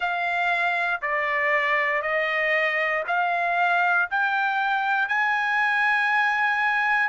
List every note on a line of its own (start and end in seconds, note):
0.00 1.00 F5
1.01 2.02 D5
2.02 3.03 D#5
3.07 4.09 F5
4.10 5.08 G5
5.08 7.09 G#5